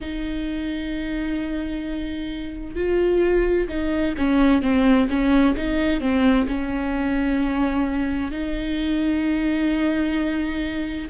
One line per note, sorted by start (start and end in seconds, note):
0.00 2.75 D#4
2.75 3.68 F4
3.68 4.14 D#4
4.17 4.62 C#4
4.62 5.08 C4
5.09 5.55 C#4
5.56 6.00 D#4
6.00 6.46 C4
6.47 8.31 C#4
8.31 11.08 D#4